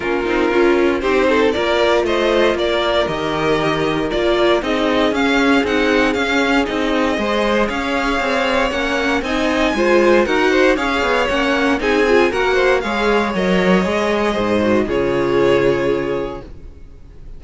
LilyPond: <<
  \new Staff \with { instrumentName = "violin" } { \time 4/4 \tempo 4 = 117 ais'2 c''4 d''4 | dis''4 d''4 dis''2 | d''4 dis''4 f''4 fis''4 | f''4 dis''2 f''4~ |
f''4 fis''4 gis''2 | fis''4 f''4 fis''4 gis''4 | fis''4 f''4 dis''2~ | dis''4 cis''2. | }
  \new Staff \with { instrumentName = "violin" } { \time 4/4 f'2 g'8 a'8 ais'4 | c''4 ais'2.~ | ais'4 gis'2.~ | gis'2 c''4 cis''4~ |
cis''2 dis''4 c''4 | ais'8 c''8 cis''2 gis'4 | ais'8 c''8 cis''2. | c''4 gis'2. | }
  \new Staff \with { instrumentName = "viola" } { \time 4/4 cis'8 dis'8 f'4 dis'4 f'4~ | f'2 g'2 | f'4 dis'4 cis'4 dis'4 | cis'4 dis'4 gis'2~ |
gis'4 cis'4 dis'4 f'4 | fis'4 gis'4 cis'4 dis'8 f'8 | fis'4 gis'4 ais'4 gis'4~ | gis'8 fis'8 f'2. | }
  \new Staff \with { instrumentName = "cello" } { \time 4/4 ais8 c'8 cis'4 c'4 ais4 | a4 ais4 dis2 | ais4 c'4 cis'4 c'4 | cis'4 c'4 gis4 cis'4 |
c'4 ais4 c'4 gis4 | dis'4 cis'8 b8 ais4 c'4 | ais4 gis4 fis4 gis4 | gis,4 cis2. | }
>>